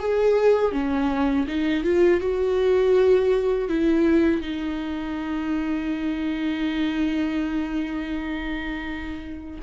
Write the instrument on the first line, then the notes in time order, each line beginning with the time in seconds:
viola
0.00 G#4
0.72 C#4
1.48 D#4
1.84 F4
2.21 F#4
3.69 E4
4.42 D#4